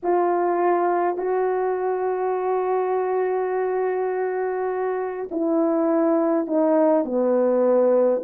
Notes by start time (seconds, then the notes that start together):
0.02 F4
1.17 F#4
5.31 E4
6.46 D#4
7.05 B3